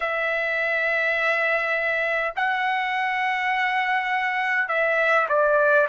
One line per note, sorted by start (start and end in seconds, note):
0.00 2.33 E5
2.35 4.68 F#5
4.68 5.27 E5
5.28 5.87 D5